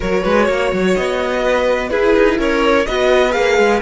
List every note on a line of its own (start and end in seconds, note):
0.00 0.25 F#3
0.00 1.89 F#4
0.00 0.23 A#4
0.00 0.95 C#5
0.23 0.48 G#3
0.23 0.45 B4
0.45 0.72 A#3
0.45 1.40 C#5
0.72 0.96 F#3
0.95 1.90 B3
0.95 1.89 D#5
1.42 1.90 B4
1.89 2.84 E4
1.89 2.14 E4
1.89 2.38 G#4
1.89 2.37 B4
2.15 2.38 D#4
2.38 2.86 C#4
2.38 2.86 A#4
2.38 2.85 C#5
2.85 3.35 B3
2.85 3.29 F#4
2.85 3.82 B4
2.85 3.31 D#5
3.29 3.58 A#3
3.29 3.77 G#4
3.29 3.79 F5
3.58 3.81 G#3